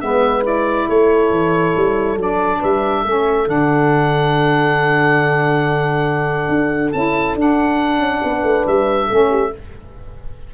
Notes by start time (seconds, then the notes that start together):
0.00 G#3 B3 B4 E5
0.43 E4 D5
0.88 A3 A4 C#5
1.30 E3
1.76 G3
2.16 F#3 D4 D5
2.59 G3 B4 E5
3.02 A3 C#4 A4
3.46 D3 D4 F#5
6.49 D4
6.92 C#4 E4 A5
7.35 D4
7.41 F#5
7.99 C#4
8.24 B3 B4
8.43 A3
8.67 G3 E5
9.07 A3 C#4 A4
9.30 G4